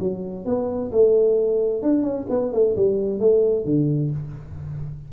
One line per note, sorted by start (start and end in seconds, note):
0.00 0.45 F#3
0.45 0.91 B3
0.92 1.83 A3
1.83 2.03 D4
2.03 2.26 C#4
2.30 2.53 B3
2.53 2.76 A3
2.76 3.20 G3
3.20 3.65 A3
3.65 4.11 D3